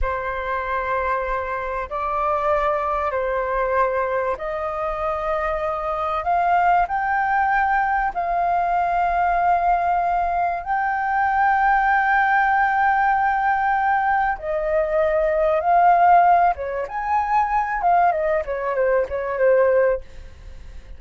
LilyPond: \new Staff \with { instrumentName = "flute" } { \time 4/4 \tempo 4 = 96 c''2. d''4~ | d''4 c''2 dis''4~ | dis''2 f''4 g''4~ | g''4 f''2.~ |
f''4 g''2.~ | g''2. dis''4~ | dis''4 f''4. cis''8 gis''4~ | gis''8 f''8 dis''8 cis''8 c''8 cis''8 c''4 | }